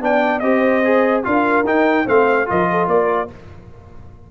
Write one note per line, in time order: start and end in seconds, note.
0.00 0.41 B3
0.00 0.41 D4
0.00 0.43 D5
0.00 0.39 G5
0.39 1.23 C4
0.39 0.83 G4
0.39 1.25 C5
0.39 1.21 D#5
0.84 1.23 G#4
1.23 1.64 D4
1.23 1.64 F4
1.23 2.05 A#4
1.23 1.65 F5
1.64 2.05 D#4
1.64 2.07 G5
2.05 2.48 A3
2.05 2.45 C4
2.05 2.46 C5
2.05 2.48 F5
2.45 2.87 F3
2.45 3.27 F4
2.45 2.70 A#4
2.45 2.88 D#5
2.70 2.90 A4
2.87 3.28 A#3
2.87 3.31 A#4
2.87 3.29 D5